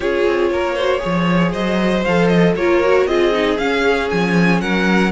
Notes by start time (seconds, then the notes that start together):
0.00 C#4 F4 G#4 C#5
0.25 C4
0.51 A#3 A#4
0.74 F#4 C5
0.99 G#4 C#5
1.05 F3
1.51 F#3 C5 D#5
2.04 F3 A4 F5
2.28 D#5
2.55 A#3 F4 A#4 C#5
2.83 F#4
3.06 C4 F4 G#4 D#5
3.32 D#4
3.57 C#4 F5
4.10 F3 G#5
4.60 F#3 A#4 F#5